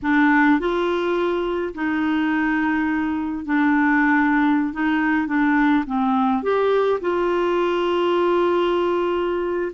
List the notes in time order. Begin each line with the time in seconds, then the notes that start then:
0.02 D4
0.59 F4
1.74 D#4
3.45 D4
4.73 D#4
5.27 D4
5.86 C4
6.43 G4
7.00 F4